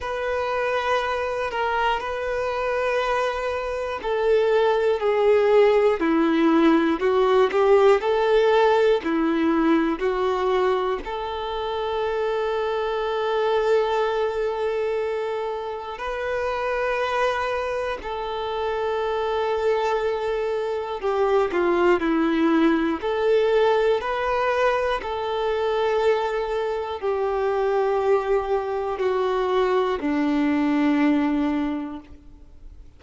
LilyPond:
\new Staff \with { instrumentName = "violin" } { \time 4/4 \tempo 4 = 60 b'4. ais'8 b'2 | a'4 gis'4 e'4 fis'8 g'8 | a'4 e'4 fis'4 a'4~ | a'1 |
b'2 a'2~ | a'4 g'8 f'8 e'4 a'4 | b'4 a'2 g'4~ | g'4 fis'4 d'2 | }